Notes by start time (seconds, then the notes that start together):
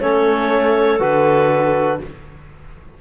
0.00 A3 C#4 A4 C#5
0.99 D3 F#4 B4